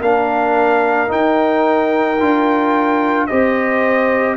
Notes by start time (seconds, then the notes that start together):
0.00 A#3 D4 A#4 F5
1.08 D#4 G5
2.20 D4 F4
3.27 C4 G4 C5 D#5